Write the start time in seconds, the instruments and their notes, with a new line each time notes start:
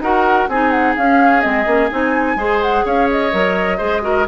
0.00 bassoon D#4, clarinet F#4, oboe A#4, flute F#5
0.49 bassoon C4, clarinet D#4, oboe G#4, flute G#5
0.71 flute F#5
0.97 bassoon C#4, clarinet C#4, flute F5
1.41 bassoon G#3, clarinet C4, flute D#5
1.66 bassoon A#3, clarinet C#4
1.91 bassoon C4, clarinet D#4, flute G#5
2.36 bassoon G#3, clarinet G#4, oboe C5
2.62 flute F#5
2.85 bassoon C#4, oboe C#5, flute F5
3.11 flute D#5
3.32 bassoon F#3, clarinet A#4
3.78 bassoon G#3, clarinet G#4, oboe C5
4.02 clarinet F#4, oboe A#4